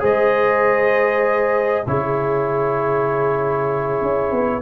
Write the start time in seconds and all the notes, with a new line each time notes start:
0.00 G#3 G#4 C5 D#5
1.87 C#3 E4 G#4 C#5
4.02 C#4
4.32 B3